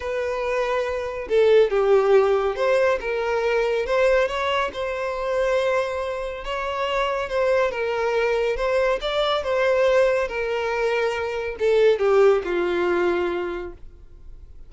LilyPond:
\new Staff \with { instrumentName = "violin" } { \time 4/4 \tempo 4 = 140 b'2. a'4 | g'2 c''4 ais'4~ | ais'4 c''4 cis''4 c''4~ | c''2. cis''4~ |
cis''4 c''4 ais'2 | c''4 d''4 c''2 | ais'2. a'4 | g'4 f'2. | }